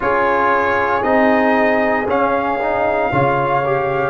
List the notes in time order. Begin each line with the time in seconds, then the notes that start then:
0.00 C#4 F4 G#4 C#5
1.02 C4 D#4 D#5
2.07 C#4 F5
2.60 D#4
3.11 C#3 F4 C#5
3.65 G4